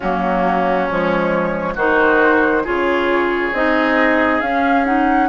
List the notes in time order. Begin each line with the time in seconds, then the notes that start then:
0.00 F#3 A#3 C#4 F#4
0.86 F3 G#3 C#5
1.74 D#3 D#4 F#4 C5
2.64 C#3 F4 G#4 C#5
3.52 C4 D#4 D#5
4.40 C#4 F5
4.85 D#4 F#5